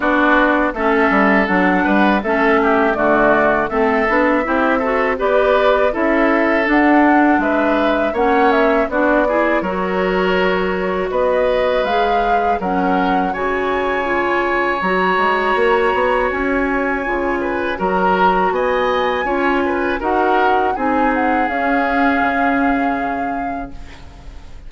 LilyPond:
<<
  \new Staff \with { instrumentName = "flute" } { \time 4/4 \tempo 4 = 81 d''4 e''4 fis''4 e''4 | d''4 e''2 d''4 | e''4 fis''4 e''4 fis''8 e''8 | d''4 cis''2 dis''4 |
f''4 fis''4 gis''2 | ais''2 gis''2 | ais''4 gis''2 fis''4 | gis''8 fis''8 f''2. | }
  \new Staff \with { instrumentName = "oboe" } { \time 4/4 fis'4 a'4. b'8 a'8 g'8 | fis'4 a'4 g'8 a'8 b'4 | a'2 b'4 cis''4 | fis'8 gis'8 ais'2 b'4~ |
b'4 ais'4 cis''2~ | cis''2.~ cis''8 b'8 | ais'4 dis''4 cis''8 b'8 ais'4 | gis'1 | }
  \new Staff \with { instrumentName = "clarinet" } { \time 4/4 d'4 cis'4 d'4 cis'4 | a4 c'8 d'8 e'8 fis'8 g'4 | e'4 d'2 cis'4 | d'8 e'8 fis'2. |
gis'4 cis'4 fis'4 f'4 | fis'2. f'4 | fis'2 f'4 fis'4 | dis'4 cis'2. | }
  \new Staff \with { instrumentName = "bassoon" } { \time 4/4 b4 a8 g8 fis8 g8 a4 | d4 a8 b8 c'4 b4 | cis'4 d'4 gis4 ais4 | b4 fis2 b4 |
gis4 fis4 cis2 | fis8 gis8 ais8 b8 cis'4 cis4 | fis4 b4 cis'4 dis'4 | c'4 cis'4 cis2 | }
>>